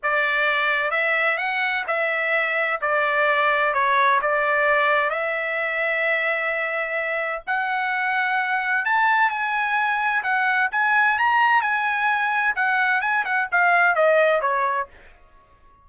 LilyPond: \new Staff \with { instrumentName = "trumpet" } { \time 4/4 \tempo 4 = 129 d''2 e''4 fis''4 | e''2 d''2 | cis''4 d''2 e''4~ | e''1 |
fis''2. a''4 | gis''2 fis''4 gis''4 | ais''4 gis''2 fis''4 | gis''8 fis''8 f''4 dis''4 cis''4 | }